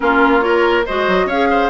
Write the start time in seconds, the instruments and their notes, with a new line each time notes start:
0.00 bassoon A#3, clarinet C#4, oboe F4, flute A#4
0.40 clarinet F4, oboe A#4, flute C#5
0.85 bassoon G#3, clarinet F#4, oboe C5, flute D#5
1.07 bassoon F#3
1.25 bassoon C#4, clarinet G#4, oboe C#5, flute F5
1.50 oboe C5